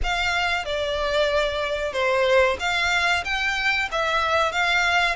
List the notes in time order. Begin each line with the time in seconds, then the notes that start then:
0.03 F5
0.65 D5
1.92 C5
2.59 F5
3.24 G5
3.91 E5
4.52 F5